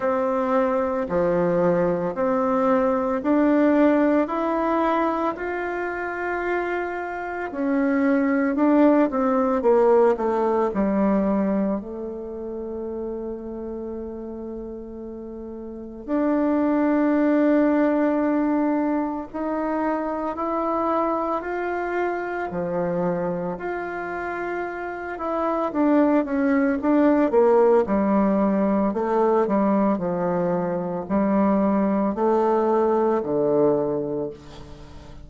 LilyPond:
\new Staff \with { instrumentName = "bassoon" } { \time 4/4 \tempo 4 = 56 c'4 f4 c'4 d'4 | e'4 f'2 cis'4 | d'8 c'8 ais8 a8 g4 a4~ | a2. d'4~ |
d'2 dis'4 e'4 | f'4 f4 f'4. e'8 | d'8 cis'8 d'8 ais8 g4 a8 g8 | f4 g4 a4 d4 | }